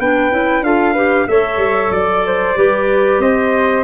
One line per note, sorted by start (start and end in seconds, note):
0.00 0.31 B3
0.00 0.31 D4
0.00 0.65 B4
0.00 0.64 G5
0.31 0.62 C#4
0.31 0.63 E4
0.62 1.26 D4
0.62 0.95 F4
0.62 0.93 A4
0.62 1.28 F5
0.93 1.28 G4
0.93 1.26 B4
1.28 1.57 A3
1.28 2.56 A4
1.28 1.94 C#5
1.28 1.92 E5
1.57 1.89 G3
1.91 2.56 F#3
1.91 3.21 D5
1.91 2.26 D5
2.26 2.58 C5
2.56 3.19 G3
2.56 3.84 G4
2.56 3.21 B4
3.19 3.84 C4
3.19 3.84 C5
3.19 3.84 D#5